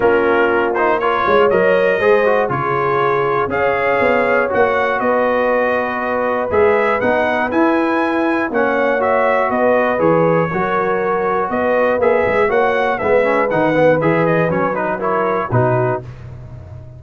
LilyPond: <<
  \new Staff \with { instrumentName = "trumpet" } { \time 4/4 \tempo 4 = 120 ais'4. c''8 cis''4 dis''4~ | dis''4 cis''2 f''4~ | f''4 fis''4 dis''2~ | dis''4 e''4 fis''4 gis''4~ |
gis''4 fis''4 e''4 dis''4 | cis''2. dis''4 | e''4 fis''4 e''4 fis''4 | e''8 dis''8 cis''8 b'8 cis''4 b'4 | }
  \new Staff \with { instrumentName = "horn" } { \time 4/4 f'2 ais'8 cis''4. | c''4 gis'2 cis''4~ | cis''2 b'2~ | b'1~ |
b'4 cis''2 b'4~ | b'4 ais'2 b'4~ | b'4 cis''4 b'2~ | b'2 ais'4 fis'4 | }
  \new Staff \with { instrumentName = "trombone" } { \time 4/4 cis'4. dis'8 f'4 ais'4 | gis'8 fis'8 f'2 gis'4~ | gis'4 fis'2.~ | fis'4 gis'4 dis'4 e'4~ |
e'4 cis'4 fis'2 | gis'4 fis'2. | gis'4 fis'4 b8 cis'8 dis'8 b8 | gis'4 cis'8 dis'8 e'4 dis'4 | }
  \new Staff \with { instrumentName = "tuba" } { \time 4/4 ais2~ ais8 gis8 fis4 | gis4 cis2 cis'4 | b4 ais4 b2~ | b4 gis4 b4 e'4~ |
e'4 ais2 b4 | e4 fis2 b4 | ais8 gis8 ais4 gis4 dis4 | e4 fis2 b,4 | }
>>